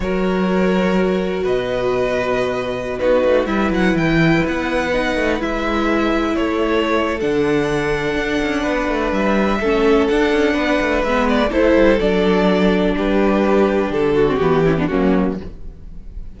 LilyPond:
<<
  \new Staff \with { instrumentName = "violin" } { \time 4/4 \tempo 4 = 125 cis''2. dis''4~ | dis''2~ dis''16 b'4 e''8 fis''16~ | fis''16 g''4 fis''2 e''8.~ | e''4~ e''16 cis''4.~ cis''16 fis''4~ |
fis''2. e''4~ | e''4 fis''2 e''8 d''8 | c''4 d''2 b'4~ | b'4 a'4 g'4 fis'4 | }
  \new Staff \with { instrumentName = "violin" } { \time 4/4 ais'2. b'4~ | b'2~ b'16 fis'4 b'8.~ | b'1~ | b'4~ b'16 a'2~ a'8.~ |
a'2 b'2 | a'2 b'2 | a'2. g'4~ | g'4. fis'4 e'16 d'16 cis'4 | }
  \new Staff \with { instrumentName = "viola" } { \time 4/4 fis'1~ | fis'2~ fis'16 dis'4 e'8.~ | e'2~ e'16 dis'4 e'8.~ | e'2. d'4~ |
d'1 | cis'4 d'2 b4 | e'4 d'2.~ | d'4.~ d'16 c'16 b8 cis'16 b16 ais4 | }
  \new Staff \with { instrumentName = "cello" } { \time 4/4 fis2. b,4~ | b,2~ b,16 b8 a8 g8 fis16~ | fis16 e4 b4. a8 gis8.~ | gis4~ gis16 a4.~ a16 d4~ |
d4 d'8 cis'8 b8 a8 g4 | a4 d'8 cis'8 b8 a8 gis4 | a8 g8 fis2 g4~ | g4 d4 e4 fis4 | }
>>